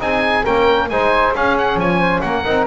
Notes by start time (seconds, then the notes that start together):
0.00 C4 D#4 G#4 G#5
0.44 A#3 C#4 A#4 G5
0.90 G#3 D#4 C5 G#5
1.35 C#4 G#4 F5
1.58 F#5
1.76 F3 C#5 G#5
2.01 C5
2.21 A#3 A#4 F#5
2.45 C4 D#4